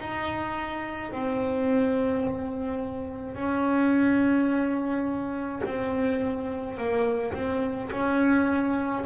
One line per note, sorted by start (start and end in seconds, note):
0.00 1.11 D#4
1.11 3.34 C4
3.34 5.61 C#4
5.65 6.77 C4
6.77 7.33 A#3
7.33 7.90 C4
7.91 9.04 C#4